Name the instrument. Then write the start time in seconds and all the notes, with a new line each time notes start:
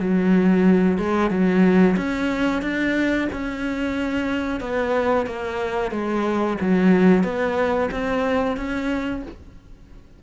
cello
0.00 F#3
0.98 G#3
1.30 F#3
1.97 C#4
2.62 D4
3.32 C#4
4.60 B3
5.26 A#3
5.91 G#3
6.61 F#3
7.24 B3
7.91 C4
8.57 C#4